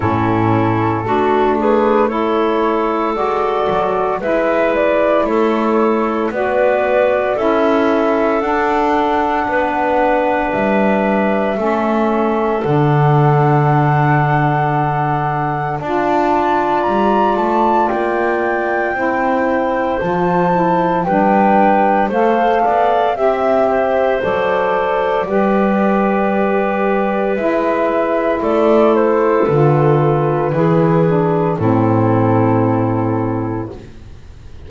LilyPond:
<<
  \new Staff \with { instrumentName = "flute" } { \time 4/4 \tempo 4 = 57 a'4. b'8 cis''4 d''4 | e''8 d''8 cis''4 d''4 e''4 | fis''2 e''2 | fis''2. a''4 |
ais''8 a''8 g''2 a''4 | g''4 f''4 e''4 d''4~ | d''2 e''4 d''8 c''8 | b'2 a'2 | }
  \new Staff \with { instrumentName = "clarinet" } { \time 4/4 e'4 fis'8 gis'8 a'2 | b'4 a'4 b'4 a'4~ | a'4 b'2 a'4~ | a'2. d''4~ |
d''2 c''2 | b'4 c''8 d''8 e''8 c''4. | b'2. a'4~ | a'4 gis'4 e'2 | }
  \new Staff \with { instrumentName = "saxophone" } { \time 4/4 cis'4 d'4 e'4 fis'4 | e'2 fis'4 e'4 | d'2. cis'4 | d'2. f'4~ |
f'2 e'4 f'8 e'8 | d'4 a'4 g'4 a'4 | g'2 e'2 | f'4 e'8 d'8 c'2 | }
  \new Staff \with { instrumentName = "double bass" } { \time 4/4 a,4 a2 gis8 fis8 | gis4 a4 b4 cis'4 | d'4 b4 g4 a4 | d2. d'4 |
g8 a8 ais4 c'4 f4 | g4 a8 b8 c'4 fis4 | g2 gis4 a4 | d4 e4 a,2 | }
>>